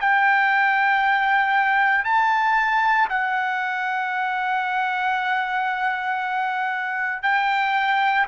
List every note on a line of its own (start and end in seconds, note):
0.00 2.05 G5
2.05 3.08 A5
3.09 7.23 F#5
7.23 8.26 G5